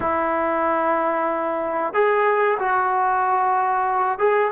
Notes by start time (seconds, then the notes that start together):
0.00 E4
1.93 G#4
2.59 F#4
4.18 G#4